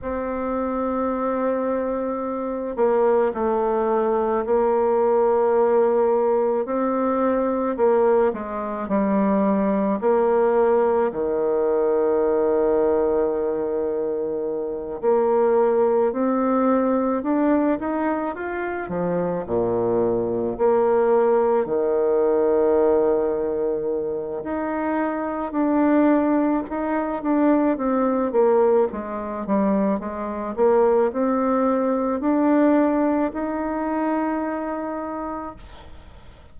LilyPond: \new Staff \with { instrumentName = "bassoon" } { \time 4/4 \tempo 4 = 54 c'2~ c'8 ais8 a4 | ais2 c'4 ais8 gis8 | g4 ais4 dis2~ | dis4. ais4 c'4 d'8 |
dis'8 f'8 f8 ais,4 ais4 dis8~ | dis2 dis'4 d'4 | dis'8 d'8 c'8 ais8 gis8 g8 gis8 ais8 | c'4 d'4 dis'2 | }